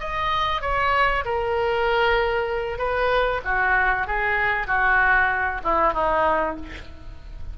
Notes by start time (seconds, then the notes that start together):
0.00 D#5
0.62 C#5
1.25 A#4
2.78 B4
3.45 F#4
4.07 G#4
4.67 F#4
5.64 E4
5.93 D#4